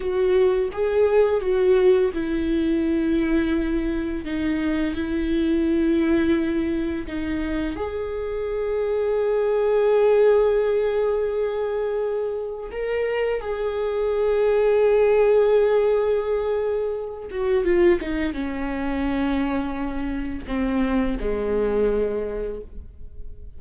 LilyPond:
\new Staff \with { instrumentName = "viola" } { \time 4/4 \tempo 4 = 85 fis'4 gis'4 fis'4 e'4~ | e'2 dis'4 e'4~ | e'2 dis'4 gis'4~ | gis'1~ |
gis'2 ais'4 gis'4~ | gis'1~ | gis'8 fis'8 f'8 dis'8 cis'2~ | cis'4 c'4 gis2 | }